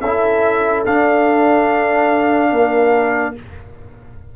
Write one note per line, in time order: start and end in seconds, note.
0.00 0.85 C#4
0.00 0.86 E4
0.00 2.50 A4
0.00 0.84 E5
0.85 2.52 D4
0.85 3.36 D4
0.85 3.35 F5
2.51 3.35 A#3
2.51 3.34 A#4